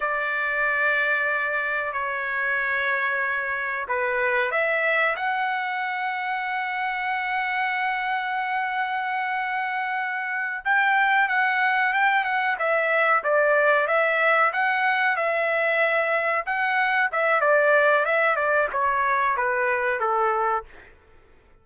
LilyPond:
\new Staff \with { instrumentName = "trumpet" } { \time 4/4 \tempo 4 = 93 d''2. cis''4~ | cis''2 b'4 e''4 | fis''1~ | fis''1~ |
fis''8 g''4 fis''4 g''8 fis''8 e''8~ | e''8 d''4 e''4 fis''4 e''8~ | e''4. fis''4 e''8 d''4 | e''8 d''8 cis''4 b'4 a'4 | }